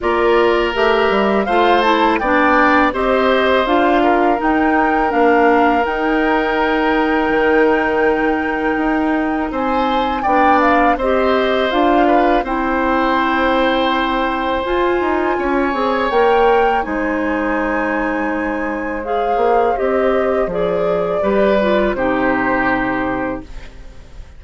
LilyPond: <<
  \new Staff \with { instrumentName = "flute" } { \time 4/4 \tempo 4 = 82 d''4 e''4 f''8 a''8 g''4 | dis''4 f''4 g''4 f''4 | g''1~ | g''4 gis''4 g''8 f''8 dis''4 |
f''4 g''2. | gis''2 g''4 gis''4~ | gis''2 f''4 dis''4 | d''2 c''2 | }
  \new Staff \with { instrumentName = "oboe" } { \time 4/4 ais'2 c''4 d''4 | c''4. ais'2~ ais'8~ | ais'1~ | ais'4 c''4 d''4 c''4~ |
c''8 b'8 c''2.~ | c''4 cis''2 c''4~ | c''1~ | c''4 b'4 g'2 | }
  \new Staff \with { instrumentName = "clarinet" } { \time 4/4 f'4 g'4 f'8 e'8 d'4 | g'4 f'4 dis'4 d'4 | dis'1~ | dis'2 d'4 g'4 |
f'4 e'2. | f'4. gis'8 ais'4 dis'4~ | dis'2 gis'4 g'4 | gis'4 g'8 f'8 dis'2 | }
  \new Staff \with { instrumentName = "bassoon" } { \time 4/4 ais4 a8 g8 a4 b4 | c'4 d'4 dis'4 ais4 | dis'2 dis2 | dis'4 c'4 b4 c'4 |
d'4 c'2. | f'8 dis'8 cis'8 c'8 ais4 gis4~ | gis2~ gis8 ais8 c'4 | f4 g4 c2 | }
>>